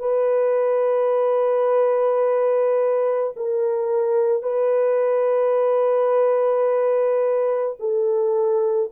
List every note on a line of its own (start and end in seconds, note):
0.00 3.33 B4
3.37 4.43 A#4
4.43 7.76 B4
7.80 8.91 A4